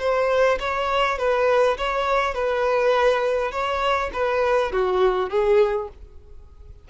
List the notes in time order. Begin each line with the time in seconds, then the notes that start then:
0.00 C5
0.60 C#5
1.19 B4
1.78 C#5
2.34 B4
3.52 C#5
4.14 B4
4.72 F#4
5.30 G#4